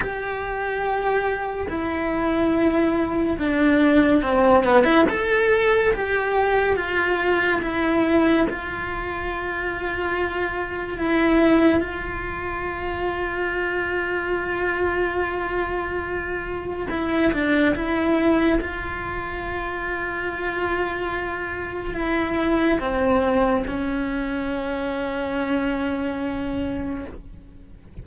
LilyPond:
\new Staff \with { instrumentName = "cello" } { \time 4/4 \tempo 4 = 71 g'2 e'2 | d'4 c'8 b16 e'16 a'4 g'4 | f'4 e'4 f'2~ | f'4 e'4 f'2~ |
f'1 | e'8 d'8 e'4 f'2~ | f'2 e'4 c'4 | cis'1 | }